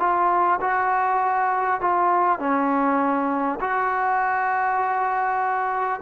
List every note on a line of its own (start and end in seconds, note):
0.00 0.60 F4
0.61 1.81 F#4
1.81 2.39 F4
2.39 3.59 C#4
3.61 6.01 F#4